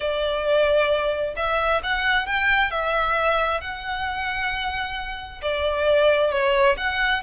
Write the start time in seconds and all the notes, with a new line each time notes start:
0.00 D5
1.36 E5
1.83 F#5
2.26 G5
2.70 E5
3.60 F#5
5.42 D5
6.31 C#5
6.77 F#5